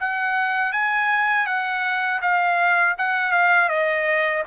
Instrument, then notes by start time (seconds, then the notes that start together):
trumpet
0.00 F#5
0.73 G#5
1.46 F#5
2.22 F5
2.98 F#5
3.32 F5
3.69 D#5